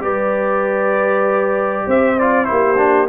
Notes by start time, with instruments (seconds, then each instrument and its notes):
0.00 tuba G3, trombone G4, horn B4, trumpet D5
1.87 tuba C4, horn C5, trumpet E5
2.18 trombone F4, trumpet D5
2.44 tuba A#3, trombone E4, horn G4, trumpet C5
2.77 trombone D4